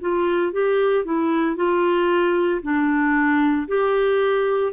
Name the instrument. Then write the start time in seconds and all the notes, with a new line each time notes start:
clarinet
0.00 F4
0.52 G4
1.04 E4
1.56 F4
2.62 D4
3.67 G4